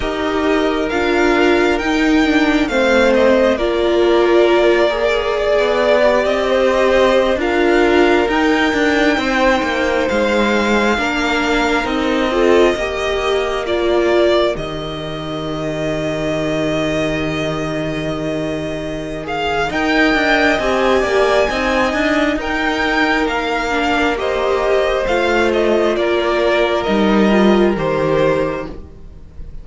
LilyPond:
<<
  \new Staff \with { instrumentName = "violin" } { \time 4/4 \tempo 4 = 67 dis''4 f''4 g''4 f''8 dis''8 | d''2. dis''4~ | dis''16 f''4 g''2 f''8.~ | f''4~ f''16 dis''2 d''8.~ |
d''16 dis''2.~ dis''8.~ | dis''4. f''8 g''4 gis''4~ | gis''4 g''4 f''4 dis''4 | f''8 dis''8 d''4 dis''4 c''4 | }
  \new Staff \with { instrumentName = "violin" } { \time 4/4 ais'2. c''4 | ais'2 d''4~ d''16 c''8.~ | c''16 ais'2 c''4.~ c''16~ | c''16 ais'4. a'8 ais'4.~ ais'16~ |
ais'1~ | ais'2 dis''4. d''8 | dis''4 ais'2 c''4~ | c''4 ais'2. | }
  \new Staff \with { instrumentName = "viola" } { \time 4/4 g'4 f'4 dis'8 d'8 c'4 | f'4. gis'4~ gis'16 g'4~ g'16~ | g'16 f'4 dis'2~ dis'8.~ | dis'16 d'4 dis'8 f'8 g'4 f'8.~ |
f'16 g'2.~ g'8.~ | g'4. gis'8 ais'4 g'4 | dis'2~ dis'8 d'8 g'4 | f'2 dis'8 f'8 g'4 | }
  \new Staff \with { instrumentName = "cello" } { \time 4/4 dis'4 d'4 dis'4 a4 | ais2~ ais16 b8. c'4~ | c'16 d'4 dis'8 d'8 c'8 ais8 gis8.~ | gis16 ais4 c'4 ais4.~ ais16~ |
ais16 dis2.~ dis8.~ | dis2 dis'8 d'8 c'8 ais8 | c'8 d'8 dis'4 ais2 | a4 ais4 g4 dis4 | }
>>